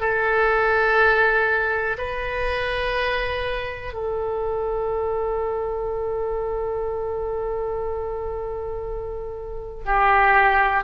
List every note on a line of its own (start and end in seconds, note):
0.00 1.97 A4
1.98 3.93 B4
3.93 9.84 A4
9.85 10.84 G4